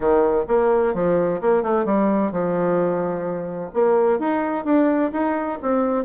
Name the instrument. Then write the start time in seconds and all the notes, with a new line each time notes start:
bassoon
0.00 D#3
0.48 A#3
0.94 F3
1.41 A#3
1.62 A3
1.85 G3
2.31 F3
3.73 A#3
4.19 D#4
4.64 D4
5.12 D#4
5.62 C4